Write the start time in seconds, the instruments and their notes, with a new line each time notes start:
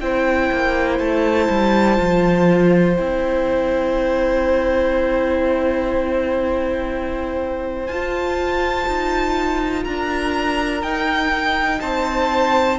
0.00 cello C4, viola E4, violin C5 G5
0.52 cello A#3
0.99 cello A3, violin A5
1.49 cello G3
1.97 cello F3, viola F4
2.95 cello C4, viola E4, violin G5
7.86 cello F4, viola F4, violin A5
8.87 cello D#4
9.82 cello D4, violin A#4 A#5
10.82 cello D#4, viola D#4, violin G5
11.80 cello C4, violin C5 A5